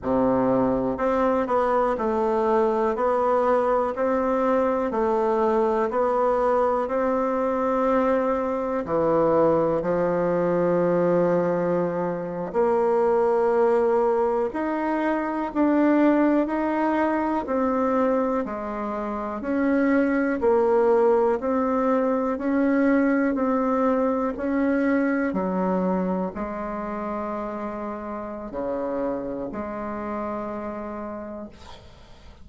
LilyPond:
\new Staff \with { instrumentName = "bassoon" } { \time 4/4 \tempo 4 = 61 c4 c'8 b8 a4 b4 | c'4 a4 b4 c'4~ | c'4 e4 f2~ | f8. ais2 dis'4 d'16~ |
d'8. dis'4 c'4 gis4 cis'16~ | cis'8. ais4 c'4 cis'4 c'16~ | c'8. cis'4 fis4 gis4~ gis16~ | gis4 cis4 gis2 | }